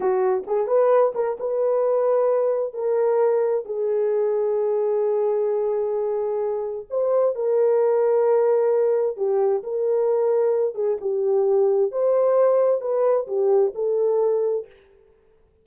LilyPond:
\new Staff \with { instrumentName = "horn" } { \time 4/4 \tempo 4 = 131 fis'4 gis'8 b'4 ais'8 b'4~ | b'2 ais'2 | gis'1~ | gis'2. c''4 |
ais'1 | g'4 ais'2~ ais'8 gis'8 | g'2 c''2 | b'4 g'4 a'2 | }